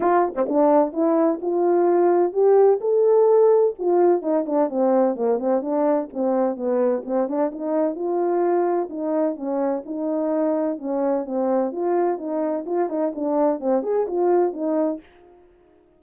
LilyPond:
\new Staff \with { instrumentName = "horn" } { \time 4/4 \tempo 4 = 128 f'8. c'16 d'4 e'4 f'4~ | f'4 g'4 a'2 | f'4 dis'8 d'8 c'4 ais8 c'8 | d'4 c'4 b4 c'8 d'8 |
dis'4 f'2 dis'4 | cis'4 dis'2 cis'4 | c'4 f'4 dis'4 f'8 dis'8 | d'4 c'8 gis'8 f'4 dis'4 | }